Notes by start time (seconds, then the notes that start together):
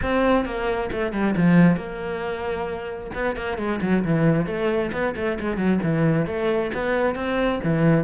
0.02 C4
0.45 A#3
0.92 A3
1.12 G3
1.36 F3
1.76 A#3
3.14 B3
3.35 A#3
3.57 G#3
3.81 F#3
4.04 E3
4.46 A3
4.92 B3
5.16 A3
5.40 G#3
5.57 F#3
5.83 E3
6.26 A3
6.73 B3
7.15 C4
7.63 E3